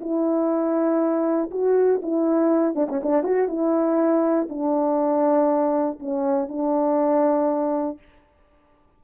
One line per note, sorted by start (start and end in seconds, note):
0.00 1.50 E4
1.50 2.00 F#4
2.02 2.75 E4
2.75 2.87 D4
2.88 3.01 C#4
3.02 3.22 D4
3.22 3.47 F#4
3.47 4.47 E4
4.49 5.99 D4
5.99 6.48 C#4
6.48 7.98 D4